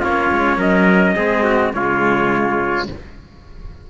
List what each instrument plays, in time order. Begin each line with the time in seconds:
0.00 cello A#3 C#4, trumpet F4 C#5
0.32 cello G#3
0.57 cello F#3, trumpet A#4 D#5
1.16 cello G#3 C4, trumpet G#4
1.43 trumpet F#4
1.74 cello C#3 G#3, trumpet F4 C#5